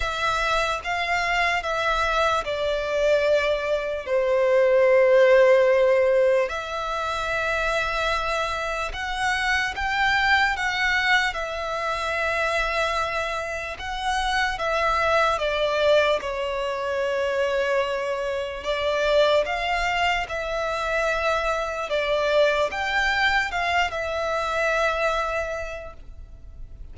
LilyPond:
\new Staff \with { instrumentName = "violin" } { \time 4/4 \tempo 4 = 74 e''4 f''4 e''4 d''4~ | d''4 c''2. | e''2. fis''4 | g''4 fis''4 e''2~ |
e''4 fis''4 e''4 d''4 | cis''2. d''4 | f''4 e''2 d''4 | g''4 f''8 e''2~ e''8 | }